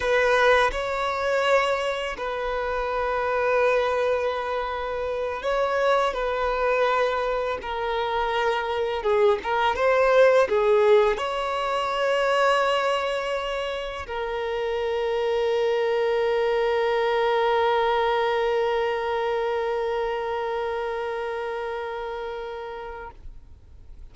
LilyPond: \new Staff \with { instrumentName = "violin" } { \time 4/4 \tempo 4 = 83 b'4 cis''2 b'4~ | b'2.~ b'8 cis''8~ | cis''8 b'2 ais'4.~ | ais'8 gis'8 ais'8 c''4 gis'4 cis''8~ |
cis''2.~ cis''8 ais'8~ | ais'1~ | ais'1~ | ais'1 | }